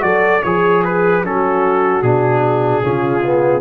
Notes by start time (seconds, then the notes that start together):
0.00 F#3 F#4 A4 D5
0.43 F3 G#4 C#5
0.85 B4
1.24 F#3 C#4 F#4 A4
2.02 B2 D4 G#4
2.83 C#3 C#4 F4
3.24 B3